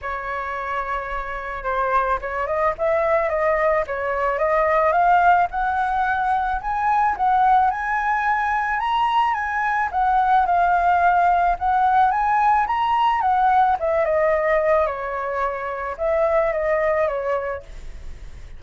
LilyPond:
\new Staff \with { instrumentName = "flute" } { \time 4/4 \tempo 4 = 109 cis''2. c''4 | cis''8 dis''8 e''4 dis''4 cis''4 | dis''4 f''4 fis''2 | gis''4 fis''4 gis''2 |
ais''4 gis''4 fis''4 f''4~ | f''4 fis''4 gis''4 ais''4 | fis''4 e''8 dis''4. cis''4~ | cis''4 e''4 dis''4 cis''4 | }